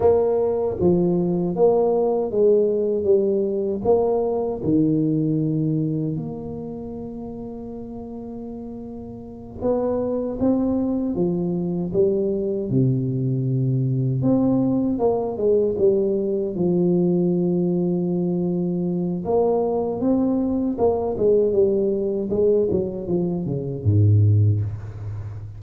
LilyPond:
\new Staff \with { instrumentName = "tuba" } { \time 4/4 \tempo 4 = 78 ais4 f4 ais4 gis4 | g4 ais4 dis2 | ais1~ | ais8 b4 c'4 f4 g8~ |
g8 c2 c'4 ais8 | gis8 g4 f2~ f8~ | f4 ais4 c'4 ais8 gis8 | g4 gis8 fis8 f8 cis8 gis,4 | }